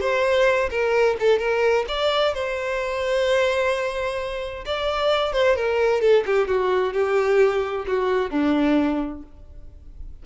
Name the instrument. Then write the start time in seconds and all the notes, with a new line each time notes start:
violin
0.00 C5
0.70 A#4
1.19 A4
1.39 A#4
1.88 D5
2.34 C5
4.65 D5
5.32 C5
5.56 A#4
6.01 A4
6.26 G4
6.47 F#4
6.93 G4
7.87 F#4
8.30 D4